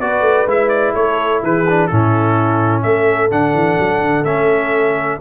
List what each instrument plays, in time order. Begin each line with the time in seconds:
0.00 tuba B3, trombone F#4, horn B4, trumpet D5
0.22 tuba A3
0.47 tuba G#3, trombone E4, trumpet E5
0.69 trumpet D5
0.95 tuba A3, horn A4, trumpet C#5
1.43 tuba E3, horn G#4, trumpet B4
1.69 trombone D4
1.87 tuba A2, trombone C#4, horn E4, trumpet A4
2.83 tuba A3, horn A4, trumpet E5
3.31 tuba D3, trombone D4, trumpet F#5
3.54 tuba E3
3.79 tuba F#3
4.01 tuba D3
4.24 tuba A3, trombone C#4, trumpet E5